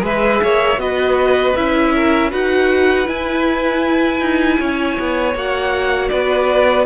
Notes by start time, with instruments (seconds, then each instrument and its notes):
0.00 cello G#3, viola G#4, violin B4 E5
0.43 cello A#3, violin C#5
0.78 cello B3, viola F#4, violin B4 D#5
1.56 cello C#4, viola E4, violin E5
1.94 violin A#4
2.30 cello D#4, viola F#4, violin B4 F#5
3.05 viola E4, cello E4, violin G#5
4.20 cello D#4
4.59 cello C#4, violin C#5
4.99 cello B3
5.35 cello A#3, viola F#4, violin F#5
6.09 cello B3, violin B4 D5